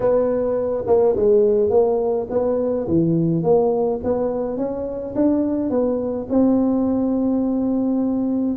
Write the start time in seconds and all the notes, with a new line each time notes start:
0.00 B3
0.86 A#3
1.16 G#3
1.70 A#3
2.30 B3
2.87 E3
3.43 A#3
4.03 B3
4.57 C#4
5.15 D4
5.70 B3
6.29 C4